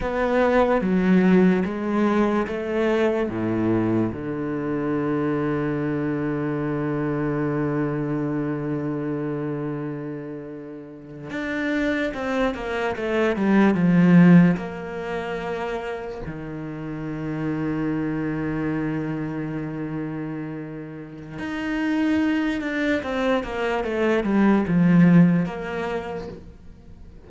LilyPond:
\new Staff \with { instrumentName = "cello" } { \time 4/4 \tempo 4 = 73 b4 fis4 gis4 a4 | a,4 d2.~ | d1~ | d4.~ d16 d'4 c'8 ais8 a16~ |
a16 g8 f4 ais2 dis16~ | dis1~ | dis2 dis'4. d'8 | c'8 ais8 a8 g8 f4 ais4 | }